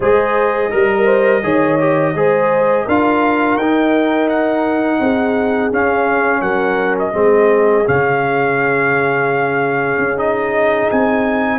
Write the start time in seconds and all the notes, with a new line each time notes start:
0.00 G#3 G#4 C5 D#5
0.71 G3 A#4
1.04 C5
1.43 D#3 G#4 C#5
1.79 G4
2.14 G#3 G#4 C5
2.85 D4 F4 A#4 F5
3.56 D#4 G5
4.29 F#5
5.00 C4 G#4
5.71 C#4 F5
6.41 F#3 A#4 F#5
6.98 D#5
7.12 G#3 C4 G#4
7.84 C#3 C#4 F5
9.98 C#4
10.17 D#4 D#5
10.90 C4 G#5